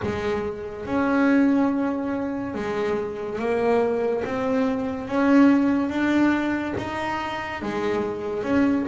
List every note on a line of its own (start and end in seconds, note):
0.02 0.85 G#3
0.85 2.54 C#4
2.54 3.38 G#3
3.38 4.23 A#3
4.24 5.07 C4
5.07 5.89 C#4
5.89 6.74 D4
6.77 7.62 D#4
7.62 8.43 G#3
8.43 8.85 C#4